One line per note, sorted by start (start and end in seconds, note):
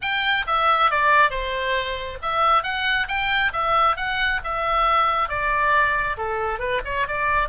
0.01 0.45 G5
0.46 0.90 E5
0.90 1.30 D5
1.30 2.18 C5
2.22 2.63 E5
2.63 3.07 F#5
3.08 3.52 G5
3.52 3.96 E5
3.96 4.40 F#5
4.44 5.28 E5
5.28 6.16 D5
6.17 6.59 A4
6.59 6.81 B4
6.85 7.07 C#5
7.07 7.48 D5